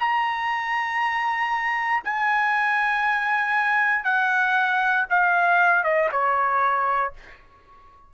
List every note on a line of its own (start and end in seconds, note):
0.00 2.03 A#5
2.04 4.04 G#5
4.04 5.06 F#5
5.10 5.84 F5
5.84 6.10 D#5
6.12 7.14 C#5